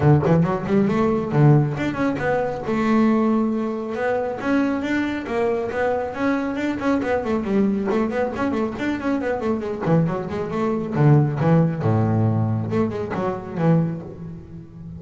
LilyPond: \new Staff \with { instrumentName = "double bass" } { \time 4/4 \tempo 4 = 137 d8 e8 fis8 g8 a4 d4 | d'8 cis'8 b4 a2~ | a4 b4 cis'4 d'4 | ais4 b4 cis'4 d'8 cis'8 |
b8 a8 g4 a8 b8 cis'8 a8 | d'8 cis'8 b8 a8 gis8 e8 fis8 gis8 | a4 d4 e4 a,4~ | a,4 a8 gis8 fis4 e4 | }